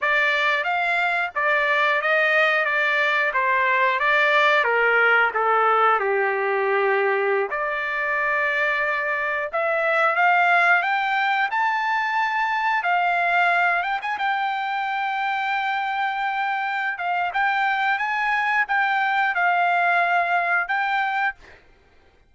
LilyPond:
\new Staff \with { instrumentName = "trumpet" } { \time 4/4 \tempo 4 = 90 d''4 f''4 d''4 dis''4 | d''4 c''4 d''4 ais'4 | a'4 g'2~ g'16 d''8.~ | d''2~ d''16 e''4 f''8.~ |
f''16 g''4 a''2 f''8.~ | f''8. g''16 gis''16 g''2~ g''8.~ | g''4. f''8 g''4 gis''4 | g''4 f''2 g''4 | }